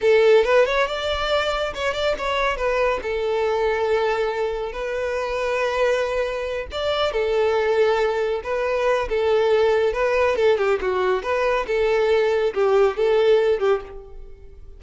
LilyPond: \new Staff \with { instrumentName = "violin" } { \time 4/4 \tempo 4 = 139 a'4 b'8 cis''8 d''2 | cis''8 d''8 cis''4 b'4 a'4~ | a'2. b'4~ | b'2.~ b'8 d''8~ |
d''8 a'2. b'8~ | b'4 a'2 b'4 | a'8 g'8 fis'4 b'4 a'4~ | a'4 g'4 a'4. g'8 | }